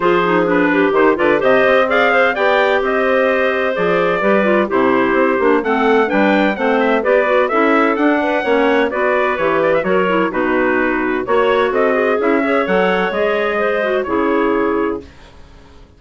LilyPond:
<<
  \new Staff \with { instrumentName = "trumpet" } { \time 4/4 \tempo 4 = 128 c''4 b'4 c''8 d''8 dis''4 | f''4 g''4 dis''2 | d''2 c''2 | fis''4 g''4 fis''8 e''8 d''4 |
e''4 fis''2 d''4 | cis''8 d''16 e''16 cis''4 b'2 | cis''4 dis''4 e''4 fis''4 | dis''2 cis''2 | }
  \new Staff \with { instrumentName = "clarinet" } { \time 4/4 gis'4. g'4 b'8 c''4 | d''8 c''8 d''4 c''2~ | c''4 b'4 g'2 | a'4 b'4 c''4 b'4 |
a'4. b'8 cis''4 b'4~ | b'4 ais'4 fis'2 | cis''4 a'8 gis'4 cis''4.~ | cis''4 c''4 gis'2 | }
  \new Staff \with { instrumentName = "clarinet" } { \time 4/4 f'8 dis'8 d'4 dis'8 f'8 g'4 | gis'4 g'2. | gis'4 g'8 f'8 e'4. d'8 | c'4 d'4 c'4 g'8 fis'8 |
e'4 d'4 cis'4 fis'4 | g'4 fis'8 e'8 dis'2 | fis'2 e'8 gis'8 a'4 | gis'4. fis'8 e'2 | }
  \new Staff \with { instrumentName = "bassoon" } { \time 4/4 f2 dis8 d8 c8 c'8~ | c'4 b4 c'2 | f4 g4 c4 c'8 ais8 | a4 g4 a4 b4 |
cis'4 d'4 ais4 b4 | e4 fis4 b,2 | ais4 c'4 cis'4 fis4 | gis2 cis2 | }
>>